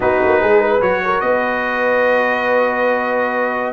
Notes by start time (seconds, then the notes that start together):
0.00 B3 D#4 F#4 B4
0.24 A#3
0.40 G#3 G#4
0.60 B4
0.81 F#3 F#4 C#5
1.04 A#4
1.20 B3 B4 D#5